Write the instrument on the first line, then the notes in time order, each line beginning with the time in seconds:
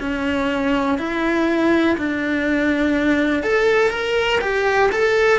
cello
0.00 C#4
0.98 E4
1.98 D4
3.43 A4
3.90 A#4
4.41 G4
4.92 A4